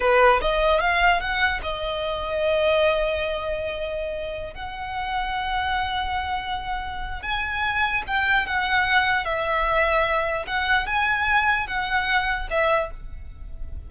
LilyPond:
\new Staff \with { instrumentName = "violin" } { \time 4/4 \tempo 4 = 149 b'4 dis''4 f''4 fis''4 | dis''1~ | dis''2.~ dis''16 fis''8.~ | fis''1~ |
fis''2 gis''2 | g''4 fis''2 e''4~ | e''2 fis''4 gis''4~ | gis''4 fis''2 e''4 | }